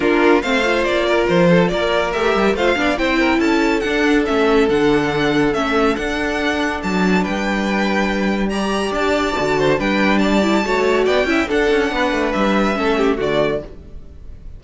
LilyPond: <<
  \new Staff \with { instrumentName = "violin" } { \time 4/4 \tempo 4 = 141 ais'4 f''4 d''4 c''4 | d''4 e''4 f''4 g''4 | a''4 fis''4 e''4 fis''4~ | fis''4 e''4 fis''2 |
a''4 g''2. | ais''4 a''2 g''4 | a''2 g''4 fis''4~ | fis''4 e''2 d''4 | }
  \new Staff \with { instrumentName = "violin" } { \time 4/4 f'4 c''4. ais'4 a'8 | ais'2 c''8 d''8 c''8 ais'8 | a'1~ | a'1~ |
a'4 b'2. | d''2~ d''8 c''8 b'4 | d''4 cis''4 d''8 e''8 a'4 | b'2 a'8 g'8 fis'4 | }
  \new Staff \with { instrumentName = "viola" } { \time 4/4 d'4 c'8 f'2~ f'8~ | f'4 g'4 f'8 d'8 e'4~ | e'4 d'4 cis'4 d'4~ | d'4 cis'4 d'2~ |
d'1 | g'2 fis'4 d'4~ | d'8 e'8 fis'4. e'8 d'4~ | d'2 cis'4 a4 | }
  \new Staff \with { instrumentName = "cello" } { \time 4/4 ais4 a4 ais4 f4 | ais4 a8 g8 a8 b8 c'4 | cis'4 d'4 a4 d4~ | d4 a4 d'2 |
fis4 g2.~ | g4 d'4 d4 g4~ | g4 a4 b8 cis'8 d'8 cis'8 | b8 a8 g4 a4 d4 | }
>>